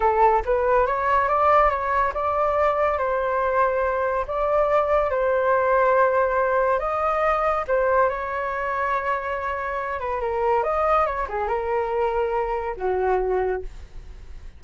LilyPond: \new Staff \with { instrumentName = "flute" } { \time 4/4 \tempo 4 = 141 a'4 b'4 cis''4 d''4 | cis''4 d''2 c''4~ | c''2 d''2 | c''1 |
dis''2 c''4 cis''4~ | cis''2.~ cis''8 b'8 | ais'4 dis''4 cis''8 gis'8 ais'4~ | ais'2 fis'2 | }